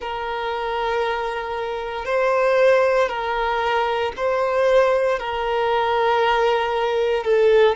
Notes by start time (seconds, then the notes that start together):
0.00 A#4
2.05 C5
3.08 A#4
4.16 C5
5.19 A#4
7.24 A4